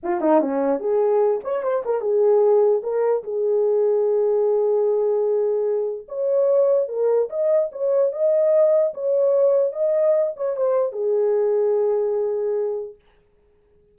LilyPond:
\new Staff \with { instrumentName = "horn" } { \time 4/4 \tempo 4 = 148 f'8 dis'8 cis'4 gis'4. cis''8 | c''8 ais'8 gis'2 ais'4 | gis'1~ | gis'2. cis''4~ |
cis''4 ais'4 dis''4 cis''4 | dis''2 cis''2 | dis''4. cis''8 c''4 gis'4~ | gis'1 | }